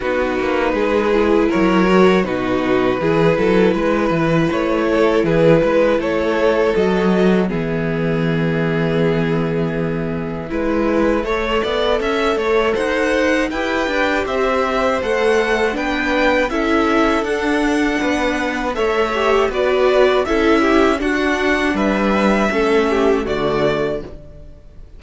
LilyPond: <<
  \new Staff \with { instrumentName = "violin" } { \time 4/4 \tempo 4 = 80 b'2 cis''4 b'4~ | b'2 cis''4 b'4 | cis''4 dis''4 e''2~ | e''1~ |
e''4 fis''4 g''4 e''4 | fis''4 g''4 e''4 fis''4~ | fis''4 e''4 d''4 e''4 | fis''4 e''2 d''4 | }
  \new Staff \with { instrumentName = "violin" } { \time 4/4 fis'4 gis'4 ais'4 fis'4 | gis'8 a'8 b'4. a'8 gis'8 b'8 | a'2 gis'2~ | gis'2 b'4 cis''8 d''8 |
e''8 cis''8 c''4 b'4 c''4~ | c''4 b'4 a'2 | b'4 cis''4 b'4 a'8 g'8 | fis'4 b'4 a'8 g'8 fis'4 | }
  \new Staff \with { instrumentName = "viola" } { \time 4/4 dis'4. e'4 fis'8 dis'4 | e'1~ | e'4 fis'4 b2~ | b2 e'4 a'4~ |
a'2 g'2 | a'4 d'4 e'4 d'4~ | d'4 a'8 g'8 fis'4 e'4 | d'2 cis'4 a4 | }
  \new Staff \with { instrumentName = "cello" } { \time 4/4 b8 ais8 gis4 fis4 b,4 | e8 fis8 gis8 e8 a4 e8 gis8 | a4 fis4 e2~ | e2 gis4 a8 b8 |
cis'8 a8 dis'4 e'8 d'8 c'4 | a4 b4 cis'4 d'4 | b4 a4 b4 cis'4 | d'4 g4 a4 d4 | }
>>